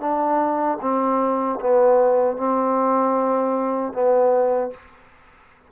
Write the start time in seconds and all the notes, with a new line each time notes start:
0.00 D4
0.81 C4
1.60 B3
2.37 C4
3.93 B3